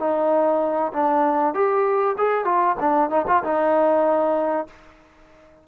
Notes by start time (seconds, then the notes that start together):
0.00 D#4
0.93 D4
1.55 G4
2.18 G#4
2.45 F4
2.80 D4
3.10 D#4
3.28 F4
3.44 D#4